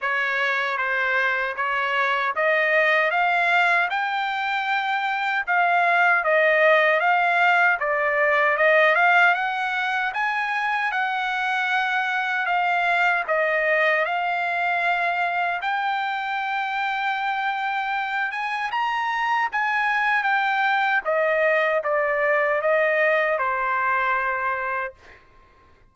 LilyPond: \new Staff \with { instrumentName = "trumpet" } { \time 4/4 \tempo 4 = 77 cis''4 c''4 cis''4 dis''4 | f''4 g''2 f''4 | dis''4 f''4 d''4 dis''8 f''8 | fis''4 gis''4 fis''2 |
f''4 dis''4 f''2 | g''2.~ g''8 gis''8 | ais''4 gis''4 g''4 dis''4 | d''4 dis''4 c''2 | }